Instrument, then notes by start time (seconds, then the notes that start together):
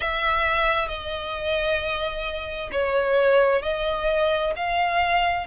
violin
0.00 E5
0.88 D#5
2.71 C#5
3.62 D#5
4.55 F5